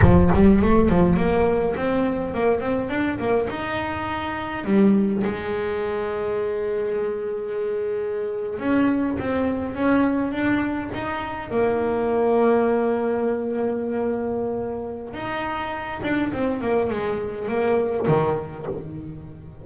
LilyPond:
\new Staff \with { instrumentName = "double bass" } { \time 4/4 \tempo 4 = 103 f8 g8 a8 f8 ais4 c'4 | ais8 c'8 d'8 ais8 dis'2 | g4 gis2.~ | gis2~ gis8. cis'4 c'16~ |
c'8. cis'4 d'4 dis'4 ais16~ | ais1~ | ais2 dis'4. d'8 | c'8 ais8 gis4 ais4 dis4 | }